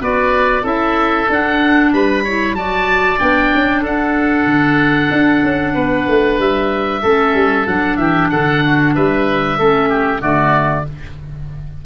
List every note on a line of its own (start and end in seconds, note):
0.00 0.64 B3
0.00 0.62 F#4
0.00 0.62 B4
0.00 0.66 D5
0.62 1.27 C#4
0.62 1.26 E4
0.62 1.90 A4
0.62 1.30 E5
1.29 1.93 D4
1.29 2.26 D4
1.29 1.93 F#5
1.93 2.53 G3
1.93 2.24 B4
1.93 2.55 B5
2.24 2.56 E4
2.24 2.56 C#5
2.53 3.17 F#3
2.53 3.17 F#4
2.53 3.82 D5
2.53 3.19 A5
3.17 3.53 B3
3.17 7.00 D4
3.17 3.83 G5
3.54 3.83 C#4
3.82 4.45 D4
3.82 5.73 A4
3.82 6.40 F#5
4.45 5.09 D3
5.10 5.42 D4
5.43 5.75 C#4
5.74 6.07 B3
5.74 7.01 B4
6.08 6.38 A3
6.38 7.02 G3
6.38 7.67 E5
7.02 7.34 A3
7.02 7.67 C#4
7.02 7.98 A4
7.34 7.66 G3
7.66 7.98 F#3
7.66 9.58 D4
7.66 7.96 F#5
7.96 8.30 E3
7.96 8.31 G4
7.96 8.28 E5
8.30 8.96 D3
8.30 8.63 A4
8.30 8.94 F#5
8.65 8.95 F#4
8.95 9.59 G3
8.95 9.59 B4
8.95 10.22 E5
9.58 10.21 A3
9.58 10.20 C#4
9.58 9.89 A4
9.89 10.21 G4
10.20 10.85 D3
10.20 10.84 A3
10.20 10.85 F#4
10.20 10.85 D5